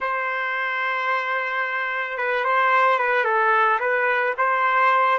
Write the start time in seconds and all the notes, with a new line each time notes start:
0.00 C5
2.17 B4
2.44 C5
2.99 B4
3.24 A4
3.79 B4
4.37 C5